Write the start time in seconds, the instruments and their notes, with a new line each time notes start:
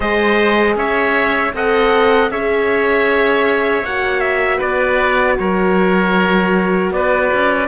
0.00 cello G#3, horn G#4, oboe C5, trumpet D#5
0.75 cello C#4, oboe C#5, trumpet E5
1.53 cello C4, horn A4, oboe D#5, trumpet F#5
2.30 cello C#4, horn G#4, oboe C#5, trumpet E5
3.83 cello A#3, horn F#4, trumpet F#5
4.20 trumpet E5
4.57 cello B3, oboe B4, trumpet D5
5.38 cello F#3, oboe A#4, trumpet C#5
6.90 cello B3, oboe B4, trumpet D5
7.33 cello C#4